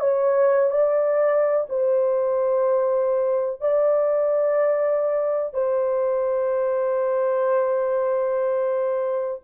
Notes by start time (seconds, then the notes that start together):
0.00 C#5
0.70 D5
1.69 C5
3.61 D5
5.54 C5